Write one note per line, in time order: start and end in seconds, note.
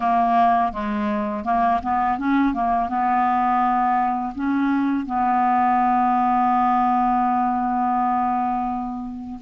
0.00 0.72 A#3
0.72 1.44 G#3
1.44 1.80 A#3
1.82 2.18 B3
2.18 2.54 C#4
2.54 2.88 A#3
2.88 4.33 B3
4.34 5.06 C#4
5.06 9.39 B3